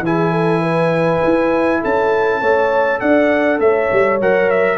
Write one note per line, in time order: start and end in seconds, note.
0.00 1.19 E3
0.00 2.43 E4
0.00 0.32 G#4
0.00 1.84 G#5
0.32 0.62 A4
0.62 1.81 B4
1.24 1.84 E4
1.82 2.42 C#4
1.82 2.41 A4
1.82 3.00 A5
2.41 3.01 A3
2.41 4.21 A4
2.41 3.00 C#5
3.00 3.60 D4
3.00 3.61 D5
3.00 3.60 F#5
3.60 3.89 A3
3.60 4.78 C#5
3.60 4.20 E5
3.92 4.21 G3
4.21 4.78 F#3
4.21 4.78 A#4
4.21 4.50 F#5
4.50 4.78 E5